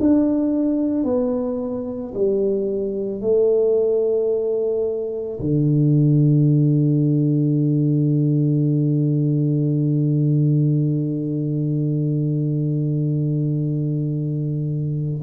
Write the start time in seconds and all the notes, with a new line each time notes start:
0.00 D4
1.04 B3
2.15 G3
3.21 A3
5.40 D3